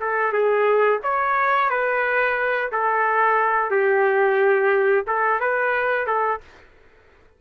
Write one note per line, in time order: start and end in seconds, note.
0.00 0.32 A4
0.32 1.00 G#4
1.03 1.70 C#5
1.70 2.71 B4
2.72 3.70 A4
3.70 5.05 G4
5.07 5.40 A4
5.40 6.06 B4
6.06 6.40 A4